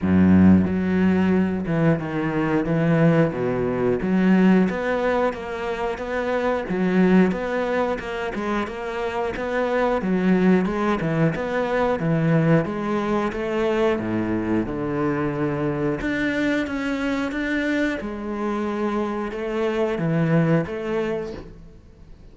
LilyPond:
\new Staff \with { instrumentName = "cello" } { \time 4/4 \tempo 4 = 90 fis,4 fis4. e8 dis4 | e4 b,4 fis4 b4 | ais4 b4 fis4 b4 | ais8 gis8 ais4 b4 fis4 |
gis8 e8 b4 e4 gis4 | a4 a,4 d2 | d'4 cis'4 d'4 gis4~ | gis4 a4 e4 a4 | }